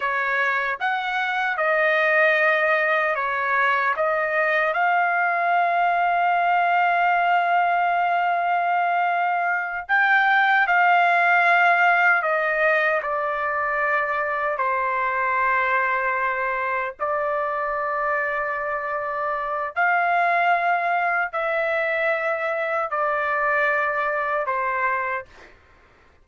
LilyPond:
\new Staff \with { instrumentName = "trumpet" } { \time 4/4 \tempo 4 = 76 cis''4 fis''4 dis''2 | cis''4 dis''4 f''2~ | f''1~ | f''8 g''4 f''2 dis''8~ |
dis''8 d''2 c''4.~ | c''4. d''2~ d''8~ | d''4 f''2 e''4~ | e''4 d''2 c''4 | }